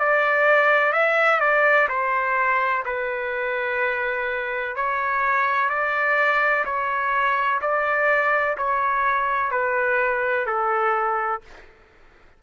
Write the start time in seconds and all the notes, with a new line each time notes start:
0.00 D5
0.93 E5
1.41 D5
1.89 C5
2.86 B4
4.76 C#5
5.70 D5
6.65 C#5
7.62 D5
8.58 C#5
9.52 B4
10.47 A4